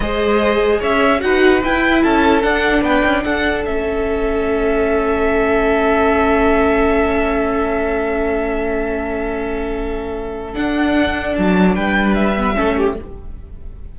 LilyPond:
<<
  \new Staff \with { instrumentName = "violin" } { \time 4/4 \tempo 4 = 148 dis''2 e''4 fis''4 | g''4 a''4 fis''4 g''4 | fis''4 e''2.~ | e''1~ |
e''1~ | e''1~ | e''2 fis''2 | a''4 g''4 e''2 | }
  \new Staff \with { instrumentName = "violin" } { \time 4/4 c''2 cis''4 b'4~ | b'4 a'2 b'4 | a'1~ | a'1~ |
a'1~ | a'1~ | a'1~ | a'4 b'2 a'8 g'8 | }
  \new Staff \with { instrumentName = "viola" } { \time 4/4 gis'2. fis'4 | e'2 d'2~ | d'4 cis'2.~ | cis'1~ |
cis'1~ | cis'1~ | cis'2 d'2~ | d'2~ d'8 b8 cis'4 | }
  \new Staff \with { instrumentName = "cello" } { \time 4/4 gis2 cis'4 dis'4 | e'4 cis'4 d'4 b8 cis'8 | d'4 a2.~ | a1~ |
a1~ | a1~ | a2 d'2 | fis4 g2 a4 | }
>>